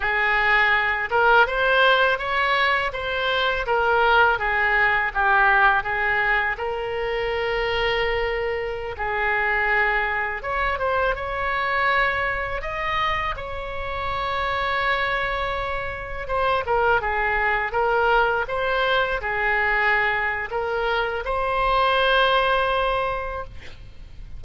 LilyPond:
\new Staff \with { instrumentName = "oboe" } { \time 4/4 \tempo 4 = 82 gis'4. ais'8 c''4 cis''4 | c''4 ais'4 gis'4 g'4 | gis'4 ais'2.~ | ais'16 gis'2 cis''8 c''8 cis''8.~ |
cis''4~ cis''16 dis''4 cis''4.~ cis''16~ | cis''2~ cis''16 c''8 ais'8 gis'8.~ | gis'16 ais'4 c''4 gis'4.~ gis'16 | ais'4 c''2. | }